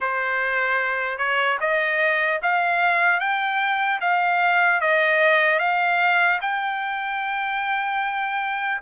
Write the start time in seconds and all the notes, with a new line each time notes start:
0.00 C5
1.18 C#5
1.60 D#5
2.42 F5
3.20 G5
4.00 F5
4.80 D#5
5.59 F5
6.41 G5